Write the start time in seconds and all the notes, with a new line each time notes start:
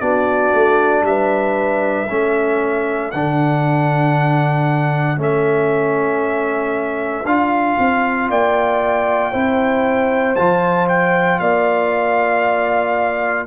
0.00 B3 D4 F#4 D5
0.53 A3
1.02 G3 B4 E5
2.10 A3 C#4 A4
3.11 D3 D4 F#5
5.17 A3 C#4 E5
7.25 D4 F4 F5
7.78 C4
8.30 A#3 D5 G5
9.32 C4 E4 C5
10.36 F3 F4 A5
10.88 G5
11.39 A#3 D5 F5